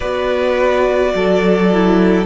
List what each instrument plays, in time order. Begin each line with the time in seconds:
0.00 cello B3, viola F#4, violin B4 D5
1.14 cello F#3, violin A4
1.72 viola E4